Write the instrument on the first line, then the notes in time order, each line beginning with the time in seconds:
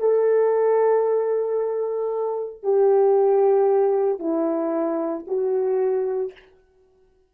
horn
0.00 A4
2.63 G4
4.20 E4
5.27 F#4